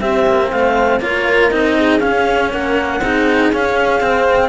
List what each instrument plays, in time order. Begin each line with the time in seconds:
0.00 cello C4, horn G4, clarinet E5
0.27 cello A#3
0.50 cello A3, horn C5, clarinet F5
1.00 cello A#3 F4, horn A#4, clarinet C#5
1.50 cello C4 D#4, clarinet D#5
1.77 horn G#4
2.00 cello C#4, clarinet F5
2.52 cello A#3, horn A#4, clarinet F#5
3.01 cello C4 D#4, horn G#4
3.52 cello C#4, clarinet F5
4.00 cello C4